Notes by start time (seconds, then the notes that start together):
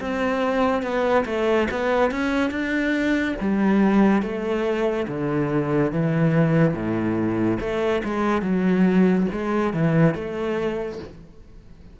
0.00 C4
0.82 B3
1.25 A3
1.71 B3
2.10 C#4
2.50 D4
3.40 G3
4.22 A3
5.08 D3
5.92 E3
6.74 A2
7.60 A3
8.04 G#3
8.42 F#3
9.31 G#3
9.73 E3
10.14 A3